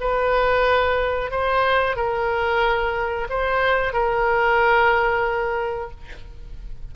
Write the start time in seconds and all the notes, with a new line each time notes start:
0.00 B4
1.31 C5
1.96 A#4
3.29 C5
3.93 A#4